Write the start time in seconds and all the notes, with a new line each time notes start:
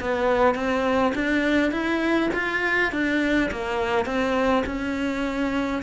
0.00 B3
0.55 C4
1.14 D4
1.71 E4
2.34 F4
2.92 D4
3.51 A#3
4.05 C4
4.66 C#4